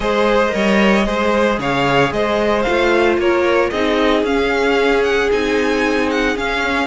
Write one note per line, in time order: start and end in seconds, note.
0.00 0.52 G#3
0.00 0.48 G#4
0.00 0.54 C5
0.00 1.59 D#5
0.48 1.06 G3
0.48 1.02 A#4
0.48 1.06 C#5
1.06 1.58 G#3
1.06 2.65 G#4
1.06 1.59 C5
1.58 2.11 C#3
1.58 2.12 C#5
1.58 2.12 F5
2.11 2.64 G#3
2.11 3.20 C5
2.11 2.62 D#5
2.62 3.17 A3
2.62 3.73 F4
2.62 3.15 F5
3.17 3.70 A#3
3.17 3.70 A#4
3.17 3.70 C#5
3.70 4.23 C4
3.70 4.26 D#4
3.70 6.87 G#4
3.70 4.23 D#5
4.23 5.29 C#4
4.23 5.31 C#4
4.23 5.03 F5
5.03 5.29 F#5
5.31 6.36 C4
5.31 6.35 D#4
5.31 6.10 G#5
6.10 6.37 F#5
6.35 6.87 C#4
6.35 6.87 F5